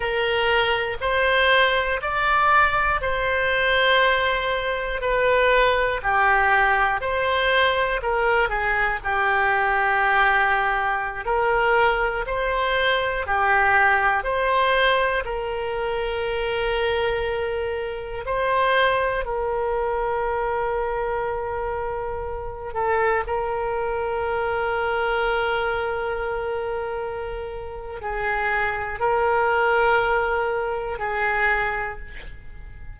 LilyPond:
\new Staff \with { instrumentName = "oboe" } { \time 4/4 \tempo 4 = 60 ais'4 c''4 d''4 c''4~ | c''4 b'4 g'4 c''4 | ais'8 gis'8 g'2~ g'16 ais'8.~ | ais'16 c''4 g'4 c''4 ais'8.~ |
ais'2~ ais'16 c''4 ais'8.~ | ais'2~ ais'8. a'8 ais'8.~ | ais'1 | gis'4 ais'2 gis'4 | }